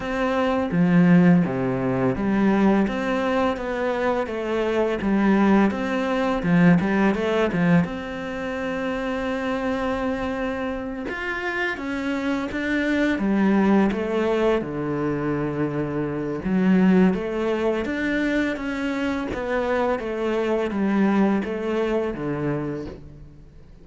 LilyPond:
\new Staff \with { instrumentName = "cello" } { \time 4/4 \tempo 4 = 84 c'4 f4 c4 g4 | c'4 b4 a4 g4 | c'4 f8 g8 a8 f8 c'4~ | c'2.~ c'8 f'8~ |
f'8 cis'4 d'4 g4 a8~ | a8 d2~ d8 fis4 | a4 d'4 cis'4 b4 | a4 g4 a4 d4 | }